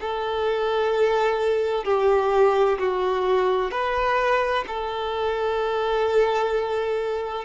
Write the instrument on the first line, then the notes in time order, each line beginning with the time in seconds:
violin
0.00 A4
1.84 G4
2.78 F#4
3.71 B4
4.67 A4